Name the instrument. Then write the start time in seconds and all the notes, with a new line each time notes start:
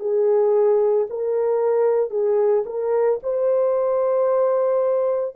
horn
0.00 G#4
1.10 A#4
2.10 G#4
2.66 A#4
3.23 C5